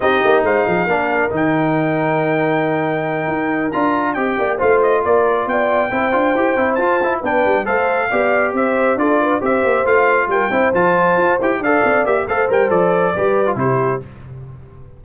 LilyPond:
<<
  \new Staff \with { instrumentName = "trumpet" } { \time 4/4 \tempo 4 = 137 dis''4 f''2 g''4~ | g''1~ | g''8 ais''4 g''4 f''8 dis''8 d''8~ | d''8 g''2. a''8~ |
a''8 g''4 f''2 e''8~ | e''8 d''4 e''4 f''4 g''8~ | g''8 a''4. g''8 f''4 e''8 | f''8 g''8 d''2 c''4 | }
  \new Staff \with { instrumentName = "horn" } { \time 4/4 g'4 c''8 gis'8 ais'2~ | ais'1~ | ais'4. dis''8 d''8 c''4 ais'8~ | ais'8 d''4 c''2~ c''8~ |
c''8 b'4 c''4 d''4 c''8~ | c''8 a'8 b'8 c''2 ais'8 | c''2~ c''8 d''4. | c''2 b'4 g'4 | }
  \new Staff \with { instrumentName = "trombone" } { \time 4/4 dis'2 d'4 dis'4~ | dis'1~ | dis'8 f'4 g'4 f'4.~ | f'4. e'8 f'8 g'8 e'8 f'8 |
e'8 d'4 a'4 g'4.~ | g'8 f'4 g'4 f'4. | e'8 f'4. g'8 a'4 g'8 | a'8 ais'8 a'4 g'8. f'16 e'4 | }
  \new Staff \with { instrumentName = "tuba" } { \time 4/4 c'8 ais8 gis8 f8 ais4 dis4~ | dis2.~ dis8 dis'8~ | dis'8 d'4 c'8 ais8 a4 ais8~ | ais8 b4 c'8 d'8 e'8 c'8 f'8~ |
f'8 b8 g8 a4 b4 c'8~ | c'8 d'4 c'8 ais8 a4 g8 | c'8 f4 f'8 e'8 d'8 c'8 ais8 | a8 g8 f4 g4 c4 | }
>>